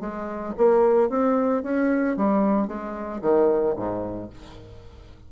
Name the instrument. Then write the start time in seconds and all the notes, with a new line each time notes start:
bassoon
0.00 G#3
0.57 A#3
1.09 C4
1.62 C#4
2.16 G3
2.67 G#3
3.21 D#3
3.76 G#2